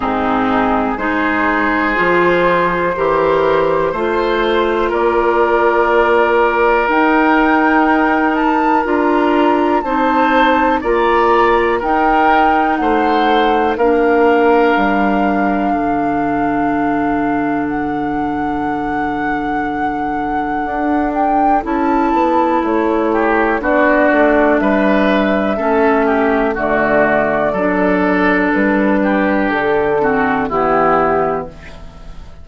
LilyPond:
<<
  \new Staff \with { instrumentName = "flute" } { \time 4/4 \tempo 4 = 61 gis'4 c''2.~ | c''4 d''2 g''4~ | g''8 a''8 ais''4 a''4 ais''4 | g''4 fis''4 f''2~ |
f''2 fis''2~ | fis''4. g''8 a''4 cis''4 | d''4 e''2 d''4~ | d''4 b'4 a'4 g'4 | }
  \new Staff \with { instrumentName = "oboe" } { \time 4/4 dis'4 gis'2 ais'4 | c''4 ais'2.~ | ais'2 c''4 d''4 | ais'4 c''4 ais'2 |
a'1~ | a'2.~ a'8 g'8 | fis'4 b'4 a'8 g'8 fis'4 | a'4. g'4 fis'8 e'4 | }
  \new Staff \with { instrumentName = "clarinet" } { \time 4/4 c'4 dis'4 f'4 g'4 | f'2. dis'4~ | dis'4 f'4 dis'4 f'4 | dis'2 d'2~ |
d'1~ | d'2 e'2 | d'2 cis'4 a4 | d'2~ d'8 c'8 b4 | }
  \new Staff \with { instrumentName = "bassoon" } { \time 4/4 gis,4 gis4 f4 e4 | a4 ais2 dis'4~ | dis'4 d'4 c'4 ais4 | dis'4 a4 ais4 g4 |
d1~ | d4 d'4 cis'8 b8 a4 | b8 a8 g4 a4 d4 | fis4 g4 d4 e4 | }
>>